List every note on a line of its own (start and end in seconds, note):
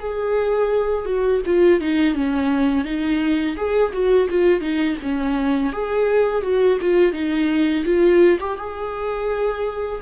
0.00 1.06 G#4
1.06 1.42 F#4
1.46 1.81 F4
1.81 2.15 D#4
2.15 2.85 C#4
2.85 3.56 D#4
3.56 3.92 G#4
3.93 4.28 F#4
4.30 4.61 F4
4.61 4.97 D#4
5.02 5.73 C#4
5.73 6.43 G#4
6.43 6.78 F#4
6.81 7.13 F4
7.13 7.84 D#4
7.85 8.39 F4
8.40 8.58 G4
8.58 10.01 G#4